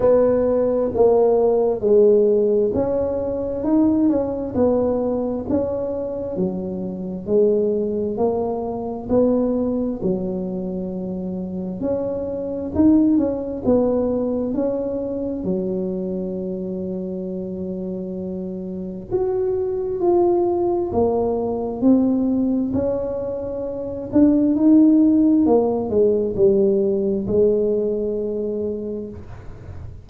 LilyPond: \new Staff \with { instrumentName = "tuba" } { \time 4/4 \tempo 4 = 66 b4 ais4 gis4 cis'4 | dis'8 cis'8 b4 cis'4 fis4 | gis4 ais4 b4 fis4~ | fis4 cis'4 dis'8 cis'8 b4 |
cis'4 fis2.~ | fis4 fis'4 f'4 ais4 | c'4 cis'4. d'8 dis'4 | ais8 gis8 g4 gis2 | }